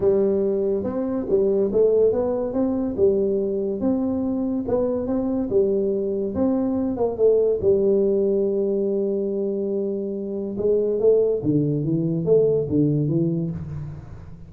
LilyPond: \new Staff \with { instrumentName = "tuba" } { \time 4/4 \tempo 4 = 142 g2 c'4 g4 | a4 b4 c'4 g4~ | g4 c'2 b4 | c'4 g2 c'4~ |
c'8 ais8 a4 g2~ | g1~ | g4 gis4 a4 d4 | e4 a4 d4 e4 | }